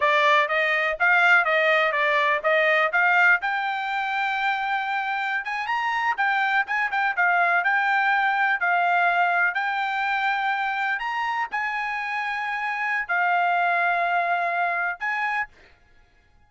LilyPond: \new Staff \with { instrumentName = "trumpet" } { \time 4/4 \tempo 4 = 124 d''4 dis''4 f''4 dis''4 | d''4 dis''4 f''4 g''4~ | g''2.~ g''16 gis''8 ais''16~ | ais''8. g''4 gis''8 g''8 f''4 g''16~ |
g''4.~ g''16 f''2 g''16~ | g''2~ g''8. ais''4 gis''16~ | gis''2. f''4~ | f''2. gis''4 | }